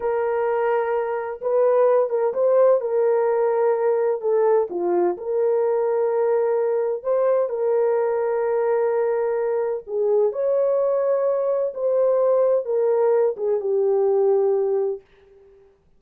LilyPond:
\new Staff \with { instrumentName = "horn" } { \time 4/4 \tempo 4 = 128 ais'2. b'4~ | b'8 ais'8 c''4 ais'2~ | ais'4 a'4 f'4 ais'4~ | ais'2. c''4 |
ais'1~ | ais'4 gis'4 cis''2~ | cis''4 c''2 ais'4~ | ais'8 gis'8 g'2. | }